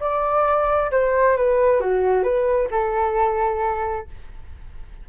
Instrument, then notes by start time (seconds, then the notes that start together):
flute
0.00 D5
0.91 C5
1.37 B4
1.81 F#4
2.23 B4
2.71 A4